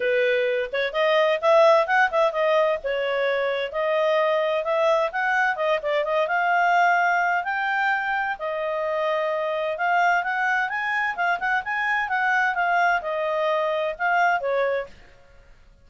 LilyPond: \new Staff \with { instrumentName = "clarinet" } { \time 4/4 \tempo 4 = 129 b'4. cis''8 dis''4 e''4 | fis''8 e''8 dis''4 cis''2 | dis''2 e''4 fis''4 | dis''8 d''8 dis''8 f''2~ f''8 |
g''2 dis''2~ | dis''4 f''4 fis''4 gis''4 | f''8 fis''8 gis''4 fis''4 f''4 | dis''2 f''4 cis''4 | }